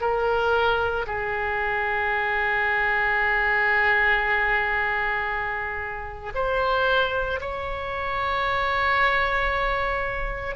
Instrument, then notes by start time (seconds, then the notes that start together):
oboe
0.00 A#4
1.06 G#4
6.34 C5
7.40 C#5